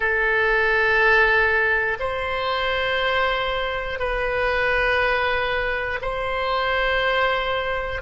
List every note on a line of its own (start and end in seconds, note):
0.00 1.97 A4
1.99 3.99 C5
3.99 5.99 B4
6.01 8.01 C5